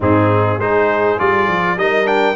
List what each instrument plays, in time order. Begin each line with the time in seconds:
0.00 tuba G#2, trombone C4, horn D#4, trumpet G#4
0.57 tuba G#3, trombone D#4, horn G#4, trumpet C5
1.18 tuba G3, trombone F4, trumpet D5
1.47 tuba F3
1.76 tuba G3, trombone D#4, horn A#4, trumpet D#5
2.05 trombone D4, trumpet G5